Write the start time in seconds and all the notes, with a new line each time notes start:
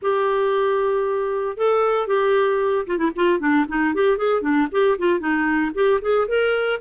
0.01 G4
1.57 A4
2.07 G4
2.86 F4
2.97 E4
3.15 F4
3.39 D4
3.68 D#4
3.94 G4
4.17 G#4
4.41 D4
4.71 G4
4.98 F4
5.19 D#4
5.74 G4
6.01 G#4
6.28 A#4